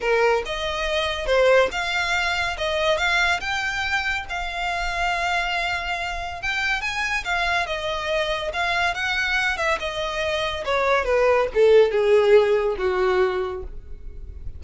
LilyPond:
\new Staff \with { instrumentName = "violin" } { \time 4/4 \tempo 4 = 141 ais'4 dis''2 c''4 | f''2 dis''4 f''4 | g''2 f''2~ | f''2. g''4 |
gis''4 f''4 dis''2 | f''4 fis''4. e''8 dis''4~ | dis''4 cis''4 b'4 a'4 | gis'2 fis'2 | }